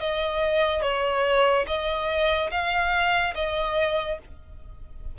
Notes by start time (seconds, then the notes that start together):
0.00 D#5
0.82 C#5
1.67 D#5
2.51 F5
3.35 D#5